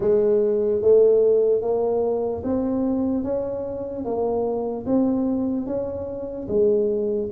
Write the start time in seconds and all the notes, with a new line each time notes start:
0.00 G#3
0.81 A3
1.61 A#3
2.43 C4
3.23 C#4
4.04 A#3
4.86 C4
5.66 C#4
6.48 G#3